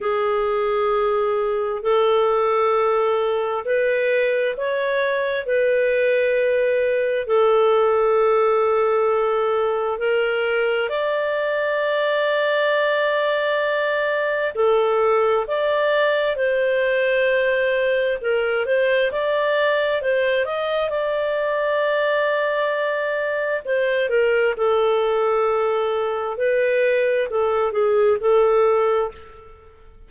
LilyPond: \new Staff \with { instrumentName = "clarinet" } { \time 4/4 \tempo 4 = 66 gis'2 a'2 | b'4 cis''4 b'2 | a'2. ais'4 | d''1 |
a'4 d''4 c''2 | ais'8 c''8 d''4 c''8 dis''8 d''4~ | d''2 c''8 ais'8 a'4~ | a'4 b'4 a'8 gis'8 a'4 | }